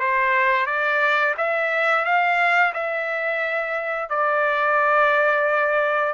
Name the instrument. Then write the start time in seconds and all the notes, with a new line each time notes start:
trumpet
0.00 C5
0.66 D5
1.37 E5
2.05 F5
2.74 E5
4.09 D5